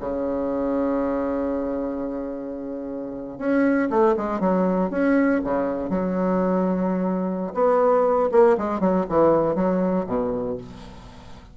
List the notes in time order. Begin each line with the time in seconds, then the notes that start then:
0.00 C#3
3.38 C#4
3.90 A3
4.17 G#3
4.40 F#3
4.90 C#4
5.44 C#3
5.89 F#3
7.54 B3
8.31 A#3
8.58 G#3
8.80 F#3
9.09 E3
9.55 F#3
10.06 B2